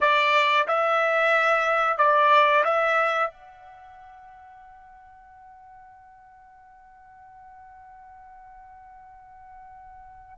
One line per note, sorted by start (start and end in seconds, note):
0.00 0.66 D5
0.67 1.98 E5
1.98 2.63 D5
2.64 3.30 E5
3.30 10.38 F#5